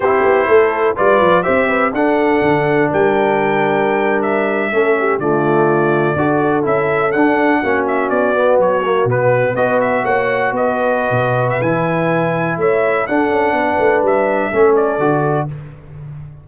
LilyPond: <<
  \new Staff \with { instrumentName = "trumpet" } { \time 4/4 \tempo 4 = 124 c''2 d''4 e''4 | fis''2 g''2~ | g''8. e''2 d''4~ d''16~ | d''4.~ d''16 e''4 fis''4~ fis''16~ |
fis''16 e''8 d''4 cis''4 b'4 dis''16~ | dis''16 e''8 fis''4 dis''2 e''16 | gis''2 e''4 fis''4~ | fis''4 e''4. d''4. | }
  \new Staff \with { instrumentName = "horn" } { \time 4/4 g'4 a'4 b'4 c''8 b'8 | a'2 ais'2~ | ais'4.~ ais'16 a'8 g'8 f'4~ f'16~ | f'8. a'2. fis'16~ |
fis'2.~ fis'8. b'16~ | b'8. cis''4 b'2~ b'16~ | b'2 cis''4 a'4 | b'2 a'2 | }
  \new Staff \with { instrumentName = "trombone" } { \time 4/4 e'2 f'4 g'4 | d'1~ | d'4.~ d'16 cis'4 a4~ a16~ | a8. fis'4 e'4 d'4 cis'16~ |
cis'4~ cis'16 b4 ais8 b4 fis'16~ | fis'1 | e'2. d'4~ | d'2 cis'4 fis'4 | }
  \new Staff \with { instrumentName = "tuba" } { \time 4/4 c'8 b8 a4 g8 f8 c'4 | d'4 d4 g2~ | g4.~ g16 a4 d4~ d16~ | d8. d'4 cis'4 d'4 ais16~ |
ais8. b4 fis4 b,4 b16~ | b8. ais4 b4~ b16 b,4 | e2 a4 d'8 cis'8 | b8 a8 g4 a4 d4 | }
>>